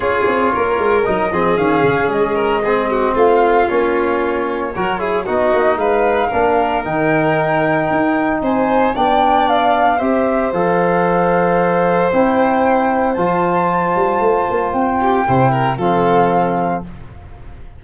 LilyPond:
<<
  \new Staff \with { instrumentName = "flute" } { \time 4/4 \tempo 4 = 114 cis''2 dis''4 f''4 | dis''2 f''4 cis''4~ | cis''2 dis''4 f''4~ | f''4 g''2. |
gis''4 g''4 f''4 e''4 | f''2. g''4~ | g''4 a''2. | g''2 f''2 | }
  \new Staff \with { instrumentName = "violin" } { \time 4/4 gis'4 ais'4. gis'4.~ | gis'8 ais'8 gis'8 fis'8 f'2~ | f'4 ais'8 gis'8 fis'4 b'4 | ais'1 |
c''4 d''2 c''4~ | c''1~ | c''1~ | c''8 g'8 c''8 ais'8 a'2 | }
  \new Staff \with { instrumentName = "trombone" } { \time 4/4 f'2 dis'8 c'8 cis'4~ | cis'4 c'2 cis'4~ | cis'4 fis'8 e'8 dis'2 | d'4 dis'2.~ |
dis'4 d'2 g'4 | a'2. e'4~ | e'4 f'2.~ | f'4 e'4 c'2 | }
  \new Staff \with { instrumentName = "tuba" } { \time 4/4 cis'8 c'8 ais8 gis8 fis8 f8 dis8 cis8 | gis2 a4 ais4~ | ais4 fis4 b8 ais8 gis4 | ais4 dis2 dis'4 |
c'4 b2 c'4 | f2. c'4~ | c'4 f4. g8 a8 ais8 | c'4 c4 f2 | }
>>